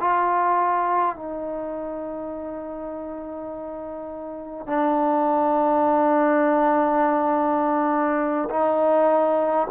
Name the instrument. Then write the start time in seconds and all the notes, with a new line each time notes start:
trombone
0.00 F4
1.16 D#4
4.66 D4
8.50 D#4